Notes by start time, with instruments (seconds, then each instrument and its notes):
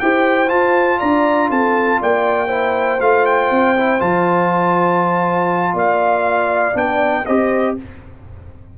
0.00 tuba E4, trombone G4, horn C5, trumpet G5
0.48 trombone F4, tuba F4, trumpet A5
0.99 tuba D4, horn D5, trumpet A#5
1.50 tuba C4, horn A4, trumpet A5
2.01 tuba A#3, horn D5, trumpet G5
2.48 trombone E4, horn C5
3.01 tuba A3, trombone F4, trumpet F5
3.26 trumpet G5
3.51 tuba C4
3.77 trombone E4
3.99 tuba F3, trombone F4, trumpet A5
5.74 tuba A#3, horn D5, trumpet F5
6.75 tuba B3, trombone D4, trumpet G5
7.26 tuba C4, trombone G4, horn C5, trumpet D#5